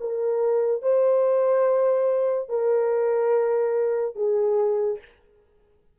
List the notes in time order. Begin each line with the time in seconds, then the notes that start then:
0.00 A#4
0.82 C5
2.48 A#4
4.15 G#4